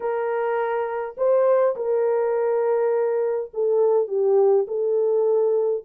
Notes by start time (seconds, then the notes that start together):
0.00 A#4
1.17 C5
1.76 A#4
3.53 A4
4.07 G4
4.67 A4